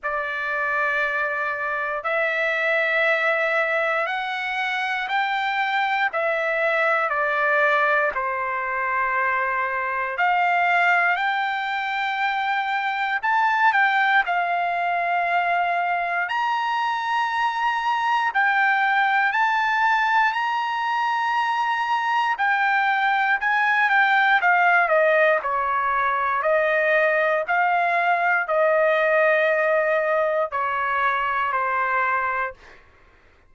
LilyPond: \new Staff \with { instrumentName = "trumpet" } { \time 4/4 \tempo 4 = 59 d''2 e''2 | fis''4 g''4 e''4 d''4 | c''2 f''4 g''4~ | g''4 a''8 g''8 f''2 |
ais''2 g''4 a''4 | ais''2 g''4 gis''8 g''8 | f''8 dis''8 cis''4 dis''4 f''4 | dis''2 cis''4 c''4 | }